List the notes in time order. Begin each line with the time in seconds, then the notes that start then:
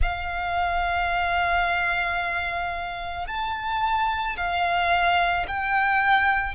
0.01 F5
3.27 A5
4.36 F5
5.47 G5